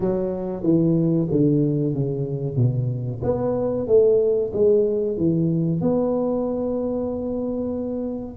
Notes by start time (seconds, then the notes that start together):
0.00 F#3
0.63 E3
1.31 D3
1.94 C#3
2.56 B2
3.23 B3
3.87 A3
4.53 G#3
5.17 E3
5.81 B3